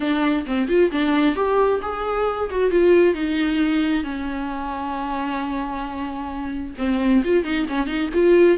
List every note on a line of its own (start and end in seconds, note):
0.00 0.45 D4
0.46 0.68 C4
0.68 0.90 F4
0.91 1.35 D4
1.35 1.80 G4
1.82 2.49 G#4
2.50 2.71 F#4
2.71 3.14 F4
3.14 4.03 D#4
4.03 6.74 C#4
6.78 7.23 C4
7.24 7.44 F4
7.44 7.66 D#4
7.68 7.86 C#4
7.86 8.09 D#4
8.13 8.58 F4